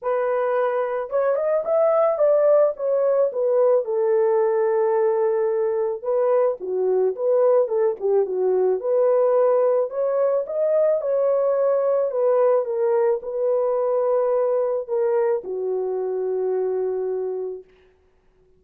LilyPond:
\new Staff \with { instrumentName = "horn" } { \time 4/4 \tempo 4 = 109 b'2 cis''8 dis''8 e''4 | d''4 cis''4 b'4 a'4~ | a'2. b'4 | fis'4 b'4 a'8 g'8 fis'4 |
b'2 cis''4 dis''4 | cis''2 b'4 ais'4 | b'2. ais'4 | fis'1 | }